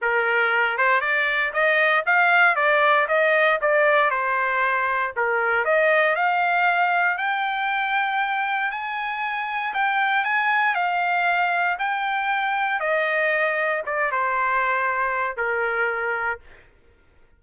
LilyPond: \new Staff \with { instrumentName = "trumpet" } { \time 4/4 \tempo 4 = 117 ais'4. c''8 d''4 dis''4 | f''4 d''4 dis''4 d''4 | c''2 ais'4 dis''4 | f''2 g''2~ |
g''4 gis''2 g''4 | gis''4 f''2 g''4~ | g''4 dis''2 d''8 c''8~ | c''2 ais'2 | }